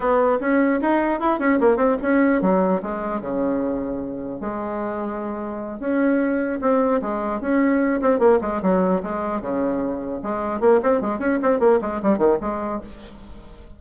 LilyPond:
\new Staff \with { instrumentName = "bassoon" } { \time 4/4 \tempo 4 = 150 b4 cis'4 dis'4 e'8 cis'8 | ais8 c'8 cis'4 fis4 gis4 | cis2. gis4~ | gis2~ gis8 cis'4.~ |
cis'8 c'4 gis4 cis'4. | c'8 ais8 gis8 fis4 gis4 cis8~ | cis4. gis4 ais8 c'8 gis8 | cis'8 c'8 ais8 gis8 g8 dis8 gis4 | }